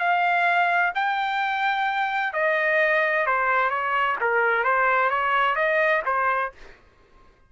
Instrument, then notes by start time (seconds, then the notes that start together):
trumpet
0.00 F5
0.95 G5
2.34 D#5
3.27 C5
3.70 C#5
4.21 A#4
4.64 C5
5.10 C#5
5.56 D#5
6.06 C5